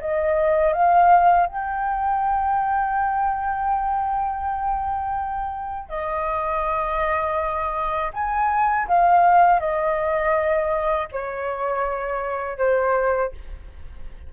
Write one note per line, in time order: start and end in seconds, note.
0.00 0.73 D#5
0.73 1.46 F5
1.46 5.89 G5
5.89 8.11 D#5
8.13 8.87 G#5
8.88 9.60 F5
9.60 11.08 D#5
11.11 12.58 C#5
12.58 13.32 C5